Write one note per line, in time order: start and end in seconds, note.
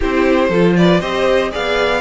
0.00 0.49 C4
0.00 0.51 E4
0.00 0.49 G4
0.00 0.76 C5
0.49 1.00 F3
0.49 1.01 F4
0.49 0.74 A4
0.76 1.00 B4
0.76 1.00 D5
1.00 1.51 C4
1.00 1.50 G4
1.00 1.51 C5
1.00 1.51 D#5
1.50 2.01 B3
1.50 2.01 G#4
1.50 2.01 D5
1.50 2.01 F5